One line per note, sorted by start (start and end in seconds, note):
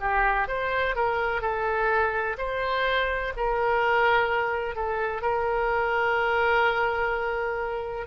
0.00 0.48 G4
0.48 0.96 C5
0.96 1.42 A#4
1.42 2.37 A4
2.38 3.33 C5
3.37 4.76 A#4
4.76 5.22 A4
5.22 8.07 A#4